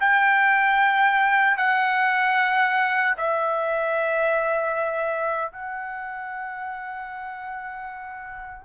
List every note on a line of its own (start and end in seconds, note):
0.00 1.57 G5
1.57 3.15 F#5
3.17 5.52 E5
5.52 8.64 F#5